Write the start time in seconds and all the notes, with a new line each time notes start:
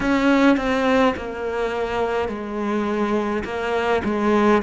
0.00 C#4
0.57 C4
1.16 A#3
2.28 G#3
3.44 A#3
4.04 G#3